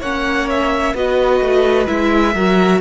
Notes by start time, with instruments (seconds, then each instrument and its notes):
0.00 cello A#3, viola C#4, violin C#5 F#5
0.50 violin E5
0.94 cello B3, viola F#4, violin B4 D#5
1.41 cello A3
1.87 cello G#3, viola E4, violin E5
2.34 cello F#3, viola F#4, violin A#4